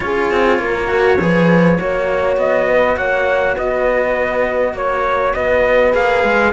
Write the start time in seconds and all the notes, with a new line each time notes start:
0.00 C#4 F4 G#4 C#5
0.30 C4
0.59 A#3 A#4
0.87 F#4
1.19 F3 G#4 B4
1.77 A#3 F#4 C#5
2.36 B3 D#5
2.68 B4
2.97 A#3 C#5 F#5
3.55 B3 B4 D#5
4.73 A#3 C#5
5.34 B3 B4 D#5
5.92 A#3 G#4 F5
6.23 G#3